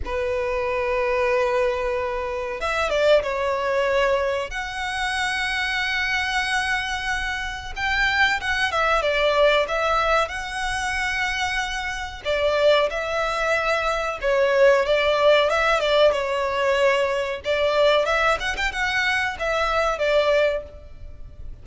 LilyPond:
\new Staff \with { instrumentName = "violin" } { \time 4/4 \tempo 4 = 93 b'1 | e''8 d''8 cis''2 fis''4~ | fis''1 | g''4 fis''8 e''8 d''4 e''4 |
fis''2. d''4 | e''2 cis''4 d''4 | e''8 d''8 cis''2 d''4 | e''8 fis''16 g''16 fis''4 e''4 d''4 | }